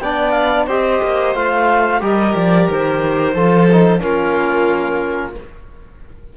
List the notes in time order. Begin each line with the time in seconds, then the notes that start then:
0.00 B3 D4 D5 G5
0.31 F5
0.67 C4 G4 C5 D#5
1.02 A#3
1.35 A3 F4 F5
2.01 G3 G4 A#4 D#5
2.35 F3 D5
2.70 D#3 C5
3.34 F3 F4 A4
3.72 D#4
3.99 A#3 C#4 F4 A#4